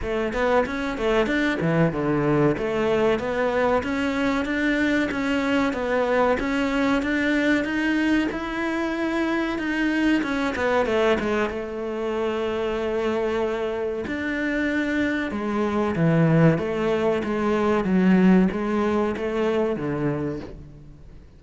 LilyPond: \new Staff \with { instrumentName = "cello" } { \time 4/4 \tempo 4 = 94 a8 b8 cis'8 a8 d'8 e8 d4 | a4 b4 cis'4 d'4 | cis'4 b4 cis'4 d'4 | dis'4 e'2 dis'4 |
cis'8 b8 a8 gis8 a2~ | a2 d'2 | gis4 e4 a4 gis4 | fis4 gis4 a4 d4 | }